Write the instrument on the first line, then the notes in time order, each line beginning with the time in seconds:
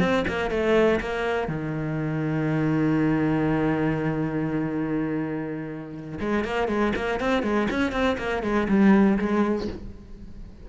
cello
0.00 C4
0.28 A#3
0.51 A3
1.01 A#3
1.48 D#3
6.20 G#3
6.45 A#3
6.68 G#3
6.96 A#3
7.20 C4
7.43 G#3
7.71 C#4
7.92 C4
8.18 A#3
8.43 G#3
8.69 G3
9.18 G#3